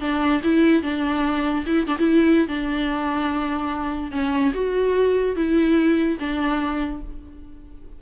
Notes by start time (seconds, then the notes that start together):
0.00 D4
0.43 E4
0.82 D4
1.66 E4
1.87 D4
1.98 E4
2.48 D4
4.11 C#4
4.54 F#4
5.36 E4
6.19 D4